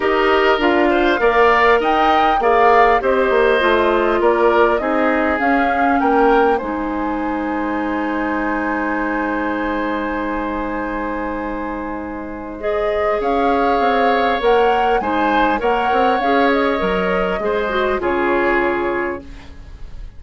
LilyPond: <<
  \new Staff \with { instrumentName = "flute" } { \time 4/4 \tempo 4 = 100 dis''4 f''2 g''4 | f''4 dis''2 d''4 | dis''4 f''4 g''4 gis''4~ | gis''1~ |
gis''1~ | gis''4 dis''4 f''2 | fis''4 gis''4 fis''4 f''8 dis''8~ | dis''2 cis''2 | }
  \new Staff \with { instrumentName = "oboe" } { \time 4/4 ais'4. c''8 d''4 dis''4 | d''4 c''2 ais'4 | gis'2 ais'4 c''4~ | c''1~ |
c''1~ | c''2 cis''2~ | cis''4 c''4 cis''2~ | cis''4 c''4 gis'2 | }
  \new Staff \with { instrumentName = "clarinet" } { \time 4/4 g'4 f'4 ais'2 | gis'4 g'4 f'2 | dis'4 cis'2 dis'4~ | dis'1~ |
dis'1~ | dis'4 gis'2. | ais'4 dis'4 ais'4 gis'4 | ais'4 gis'8 fis'8 f'2 | }
  \new Staff \with { instrumentName = "bassoon" } { \time 4/4 dis'4 d'4 ais4 dis'4 | ais4 c'8 ais8 a4 ais4 | c'4 cis'4 ais4 gis4~ | gis1~ |
gis1~ | gis2 cis'4 c'4 | ais4 gis4 ais8 c'8 cis'4 | fis4 gis4 cis2 | }
>>